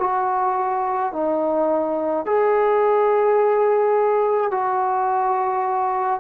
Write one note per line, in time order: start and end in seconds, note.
0.00 1.13 F#4
1.13 2.26 D#4
2.26 4.51 G#4
4.51 6.21 F#4